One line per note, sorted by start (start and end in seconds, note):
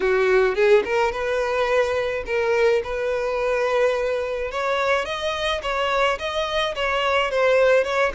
0.00 0.55 F#4
0.55 0.83 G#4
0.85 1.12 A#4
1.12 2.24 B4
2.26 2.82 A#4
2.83 4.51 B4
4.51 5.05 C#5
5.05 5.61 D#5
5.62 6.18 C#5
6.18 6.74 D#5
6.75 7.30 C#5
7.30 7.84 C5
7.84 8.12 C#5